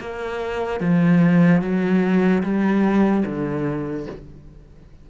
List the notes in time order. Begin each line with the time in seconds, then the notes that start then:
0.00 A#3
0.80 F3
1.61 F#3
2.43 G3
3.25 D3